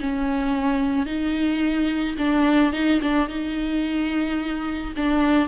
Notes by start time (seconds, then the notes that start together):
0.00 C#4
1.06 D#4
2.18 D4
2.73 D#4
3.02 D4
3.29 D#4
4.96 D4